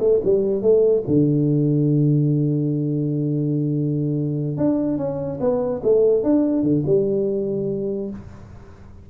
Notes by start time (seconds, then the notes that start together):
0.00 A3
0.24 G3
0.62 A3
1.08 D3
4.58 D4
4.98 C#4
5.41 B3
5.84 A3
6.24 D4
6.63 D3
6.86 G3